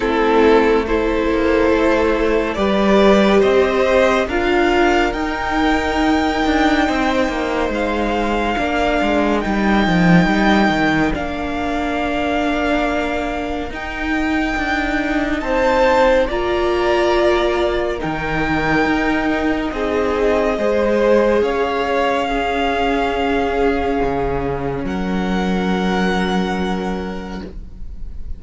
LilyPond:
<<
  \new Staff \with { instrumentName = "violin" } { \time 4/4 \tempo 4 = 70 a'4 c''2 d''4 | dis''4 f''4 g''2~ | g''4 f''2 g''4~ | g''4 f''2. |
g''2 a''4 ais''4~ | ais''4 g''2 dis''4~ | dis''4 f''2.~ | f''4 fis''2. | }
  \new Staff \with { instrumentName = "violin" } { \time 4/4 e'4 a'2 b'4 | c''4 ais'2. | c''2 ais'2~ | ais'1~ |
ais'2 c''4 d''4~ | d''4 ais'2 gis'4 | c''4 cis''4 gis'2~ | gis'4 ais'2. | }
  \new Staff \with { instrumentName = "viola" } { \time 4/4 c'4 e'2 g'4~ | g'4 f'4 dis'2~ | dis'2 d'4 dis'4~ | dis'4 d'2. |
dis'2. f'4~ | f'4 dis'2. | gis'2 cis'2~ | cis'1 | }
  \new Staff \with { instrumentName = "cello" } { \time 4/4 a4. ais8 a4 g4 | c'4 d'4 dis'4. d'8 | c'8 ais8 gis4 ais8 gis8 g8 f8 | g8 dis8 ais2. |
dis'4 d'4 c'4 ais4~ | ais4 dis4 dis'4 c'4 | gis4 cis'2. | cis4 fis2. | }
>>